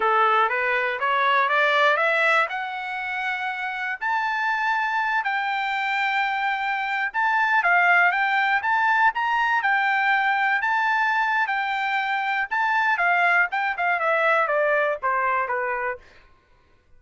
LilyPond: \new Staff \with { instrumentName = "trumpet" } { \time 4/4 \tempo 4 = 120 a'4 b'4 cis''4 d''4 | e''4 fis''2. | a''2~ a''8 g''4.~ | g''2~ g''16 a''4 f''8.~ |
f''16 g''4 a''4 ais''4 g''8.~ | g''4~ g''16 a''4.~ a''16 g''4~ | g''4 a''4 f''4 g''8 f''8 | e''4 d''4 c''4 b'4 | }